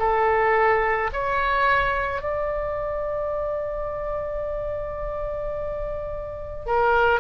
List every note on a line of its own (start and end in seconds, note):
0.00 1.11 A4
1.14 2.22 C#5
2.22 6.67 D5
6.67 7.21 A#4